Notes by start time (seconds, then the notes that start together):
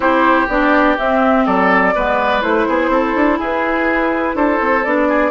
0.00 C4 E4 G4 C5
0.48 B3 D4 D5
0.98 C4 E5
1.45 F#3 A4 D5
1.95 G#3 B3 B4
2.41 A3 E4 C5
2.67 B3 G#4
2.89 C4 A4
3.15 D4
3.38 E4 G#4 B4
4.34 D4 A4 C5
4.60 C4
4.84 B3 D4 D5
5.09 G#4